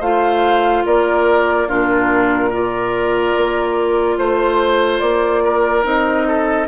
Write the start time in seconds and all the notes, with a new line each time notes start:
0.00 A3 F4 C5 F5
0.86 A#3 A#4 D5
1.68 A#2 D4 F4 A#4
2.49 F4 A#4 D5
3.36 A#3
4.18 A3 C5
5.00 A#3 D5
5.44 A#4
5.83 C4 D#4 D#5
6.27 A4